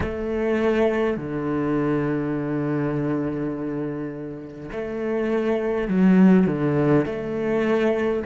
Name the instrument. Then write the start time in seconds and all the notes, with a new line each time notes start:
cello
0.00 A3
1.17 D3
4.72 A3
5.88 F#3
6.47 D3
7.05 A3